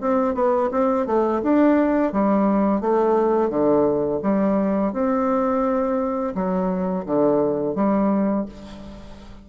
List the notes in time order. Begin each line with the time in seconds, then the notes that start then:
0.00 C4
0.34 B3
0.71 C4
1.06 A3
1.42 D4
2.12 G3
2.80 A3
3.49 D3
4.22 G3
4.93 C4
6.35 F#3
7.06 D3
7.75 G3